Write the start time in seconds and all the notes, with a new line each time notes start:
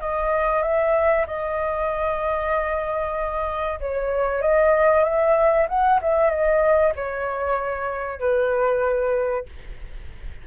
0.00 D#5
0.62 E5
1.27 D#5
3.80 C#5
4.42 D#5
5.04 E5
5.68 F#5
6.02 E5
6.30 D#5
6.95 C#5
8.20 B4